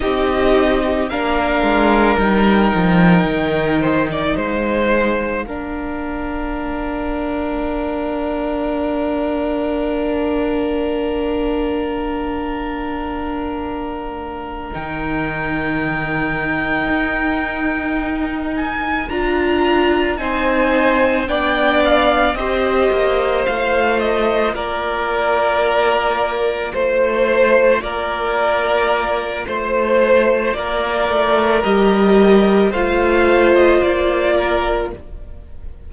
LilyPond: <<
  \new Staff \with { instrumentName = "violin" } { \time 4/4 \tempo 4 = 55 dis''4 f''4 g''2 | f''1~ | f''1~ | f''4. g''2~ g''8~ |
g''4 gis''8 ais''4 gis''4 g''8 | f''8 dis''4 f''8 dis''8 d''4.~ | d''8 c''4 d''4. c''4 | d''4 dis''4 f''8. dis''16 d''4 | }
  \new Staff \with { instrumentName = "violin" } { \time 4/4 g'4 ais'2~ ais'8 c''16 d''16 | c''4 ais'2.~ | ais'1~ | ais'1~ |
ais'2~ ais'8 c''4 d''8~ | d''8 c''2 ais'4.~ | ais'8 c''4 ais'4. c''4 | ais'2 c''4. ais'8 | }
  \new Staff \with { instrumentName = "viola" } { \time 4/4 dis'4 d'4 dis'2~ | dis'4 d'2.~ | d'1~ | d'4. dis'2~ dis'8~ |
dis'4. f'4 dis'4 d'8~ | d'8 g'4 f'2~ f'8~ | f'1~ | f'4 g'4 f'2 | }
  \new Staff \with { instrumentName = "cello" } { \time 4/4 c'4 ais8 gis8 g8 f8 dis4 | gis4 ais2.~ | ais1~ | ais4. dis2 dis'8~ |
dis'4. d'4 c'4 b8~ | b8 c'8 ais8 a4 ais4.~ | ais8 a4 ais4. a4 | ais8 a8 g4 a4 ais4 | }
>>